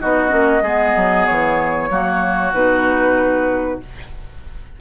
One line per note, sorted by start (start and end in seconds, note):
0.00 0.32 B3
0.00 0.29 D#4
0.00 0.63 F#4
0.00 1.26 D#5
0.29 0.62 A#3
0.29 0.60 C#4
0.62 0.94 G#3
0.62 1.90 B3
0.62 1.90 G#4
0.97 1.28 F#3
1.27 1.90 E3
1.27 2.53 C#5
1.90 2.53 F#3
1.90 2.53 A#3
1.90 3.81 F#4
2.53 3.79 B2
2.53 3.81 D#4
2.53 3.80 B4